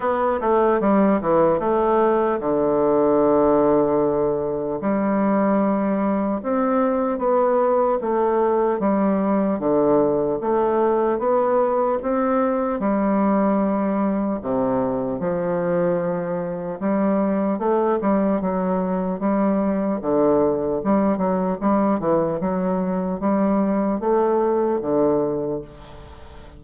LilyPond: \new Staff \with { instrumentName = "bassoon" } { \time 4/4 \tempo 4 = 75 b8 a8 g8 e8 a4 d4~ | d2 g2 | c'4 b4 a4 g4 | d4 a4 b4 c'4 |
g2 c4 f4~ | f4 g4 a8 g8 fis4 | g4 d4 g8 fis8 g8 e8 | fis4 g4 a4 d4 | }